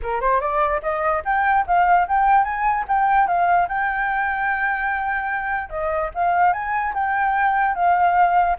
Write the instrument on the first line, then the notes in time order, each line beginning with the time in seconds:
flute
0.02 A#4
0.20 C5
0.40 D5
0.82 D#5
1.24 G5
1.66 F5
2.08 G5
2.43 G#5
2.88 G5
3.27 F5
3.68 G5
5.69 D#5
6.14 F5
6.53 G#5
6.94 G5
7.75 F5